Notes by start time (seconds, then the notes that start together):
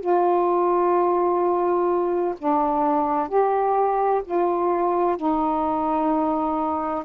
0.00 F4
2.38 D4
3.28 G4
4.24 F4
5.17 D#4